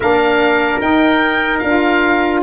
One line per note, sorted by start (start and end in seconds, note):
0.00 0.79 A#3
0.00 0.81 D4
0.00 2.43 A#4
0.00 0.80 F5
0.81 1.62 D#4
0.81 1.59 G5
1.59 2.43 D4
1.59 2.40 F5
1.66 2.43 F4